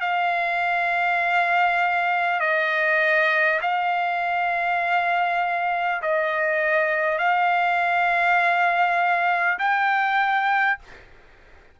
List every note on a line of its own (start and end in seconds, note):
0.00 2.40 F5
2.40 3.60 D#5
3.61 6.01 F5
6.02 7.18 D#5
7.18 9.58 F5
9.58 10.78 G5